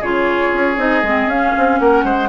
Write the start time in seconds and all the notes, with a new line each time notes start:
0.00 C#3 F4 G#4 C#5
0.53 C#4
0.77 C4 D#4 D#5
1.03 G#3 C4
1.26 C#4 F5
1.58 C4
1.79 A#3 A#4 F#5
2.04 G#3 C5